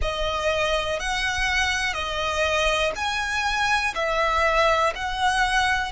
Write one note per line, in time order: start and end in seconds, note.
0.01 0.99 D#5
0.99 1.93 F#5
1.93 2.92 D#5
2.95 3.93 G#5
3.94 4.93 E5
4.95 5.92 F#5